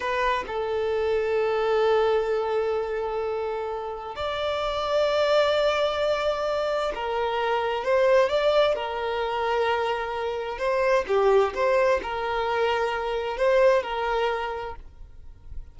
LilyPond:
\new Staff \with { instrumentName = "violin" } { \time 4/4 \tempo 4 = 130 b'4 a'2.~ | a'1~ | a'4 d''2.~ | d''2. ais'4~ |
ais'4 c''4 d''4 ais'4~ | ais'2. c''4 | g'4 c''4 ais'2~ | ais'4 c''4 ais'2 | }